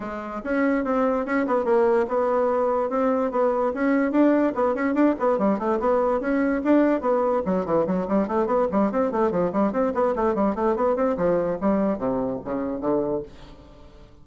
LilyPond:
\new Staff \with { instrumentName = "bassoon" } { \time 4/4 \tempo 4 = 145 gis4 cis'4 c'4 cis'8 b8 | ais4 b2 c'4 | b4 cis'4 d'4 b8 cis'8 | d'8 b8 g8 a8 b4 cis'4 |
d'4 b4 fis8 e8 fis8 g8 | a8 b8 g8 c'8 a8 f8 g8 c'8 | b8 a8 g8 a8 b8 c'8 f4 | g4 c4 cis4 d4 | }